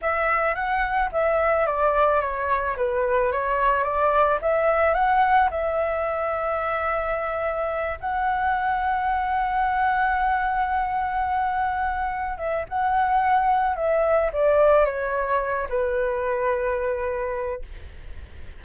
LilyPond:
\new Staff \with { instrumentName = "flute" } { \time 4/4 \tempo 4 = 109 e''4 fis''4 e''4 d''4 | cis''4 b'4 cis''4 d''4 | e''4 fis''4 e''2~ | e''2~ e''8 fis''4.~ |
fis''1~ | fis''2~ fis''8 e''8 fis''4~ | fis''4 e''4 d''4 cis''4~ | cis''8 b'2.~ b'8 | }